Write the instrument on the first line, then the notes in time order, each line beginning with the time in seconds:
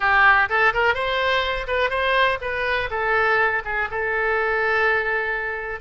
oboe
0.00 G4
0.49 A4
0.73 A#4
0.94 C5
1.67 B4
1.89 C5
2.41 B4
2.90 A4
3.64 G#4
3.90 A4